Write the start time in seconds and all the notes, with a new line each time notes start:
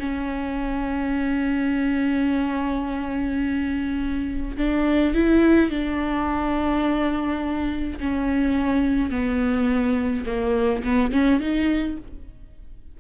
0.00 C#4
4.58 D4
5.15 E4
5.71 D4
8.01 C#4
9.11 B3
10.26 A#3
10.84 B3
11.12 C#4
11.41 D#4